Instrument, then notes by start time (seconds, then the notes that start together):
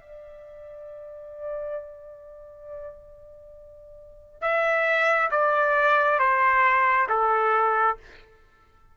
trumpet
0.00 D5
4.41 E5
5.31 D5
6.19 C5
7.09 A4